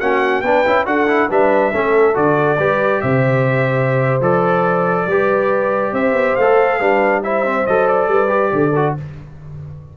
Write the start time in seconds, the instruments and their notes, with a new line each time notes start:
0.00 tuba A#3, trombone C#4, horn F#4, trumpet F#5
0.42 tuba B3, trombone D4, horn B4, trumpet G5
0.66 tuba C#4, trombone E4
0.86 tuba D4, trombone F#4, horn A4, trumpet F#5
1.08 trombone E4
1.29 tuba G3, trombone D4, horn B4, trumpet E5
1.72 tuba A3, trombone C#4, horn A4
2.14 tuba D3, trombone F#4, trumpet D5
2.58 tuba G3, trombone G4, horn B4
3.01 tuba C3, horn C5, trumpet E5
4.20 tuba F3, trombone A4, trumpet D5
5.06 tuba G3, trombone G4, horn B4
5.92 tuba C4, horn C5, trumpet E5
6.12 tuba B3
6.35 tuba A3, trombone A4, trumpet F5
6.79 tuba G3, trombone D4, horn B4
7.23 trombone E4, horn C5, trumpet E5
7.45 trombone C4
7.66 tuba F#3, trombone A4, trumpet D#5
7.87 trumpet D5
8.07 tuba G3, horn B4
8.28 trombone G4
8.52 tuba D3, horn A4
8.75 trombone F#4